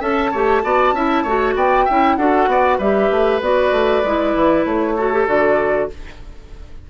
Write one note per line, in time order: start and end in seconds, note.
0.00 0.31 C#4
0.00 0.32 A4
0.00 0.31 E5
0.00 1.56 A5
0.31 0.64 A3
0.31 0.63 G4
0.31 0.62 C#5
0.63 0.92 B3
0.63 0.94 F#4
0.63 0.95 D5
0.92 1.23 C#4
0.92 1.26 E4
0.92 1.23 E5
1.23 1.55 A3
1.23 1.89 F#4
1.23 1.54 C#5
1.55 1.86 B3
1.55 1.85 D5
1.55 2.16 G5
1.85 2.17 C#4
1.85 2.19 E4
1.85 2.16 E5
2.16 2.47 D4
2.16 2.81 F#4
2.16 2.49 A4
2.16 2.78 F#5
2.47 2.78 B3
2.47 2.78 D5
2.78 3.10 G3
2.78 3.41 G4
2.78 4.95 B4
2.78 3.41 E5
3.11 3.41 A3
3.41 3.72 B3
3.41 4.03 F#4
3.41 4.65 D5
3.72 4.03 A3
4.04 4.35 G#3
4.04 4.98 E4
4.35 4.65 E3
4.65 5.27 A3
4.65 5.27 C#5
4.97 5.13 F#4
4.97 5.89 A4
5.13 5.27 G4
5.27 5.89 D3
5.27 5.89 F#4
5.27 5.90 D5